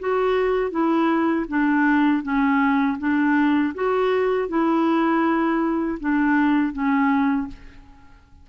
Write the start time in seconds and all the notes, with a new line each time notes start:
0.00 F#4
0.71 E4
1.49 D4
2.23 C#4
2.99 D4
3.75 F#4
4.49 E4
6.00 D4
6.73 C#4